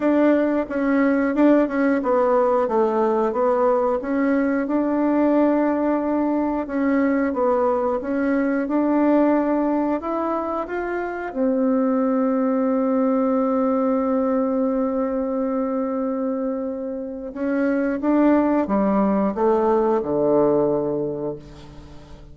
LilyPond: \new Staff \with { instrumentName = "bassoon" } { \time 4/4 \tempo 4 = 90 d'4 cis'4 d'8 cis'8 b4 | a4 b4 cis'4 d'4~ | d'2 cis'4 b4 | cis'4 d'2 e'4 |
f'4 c'2.~ | c'1~ | c'2 cis'4 d'4 | g4 a4 d2 | }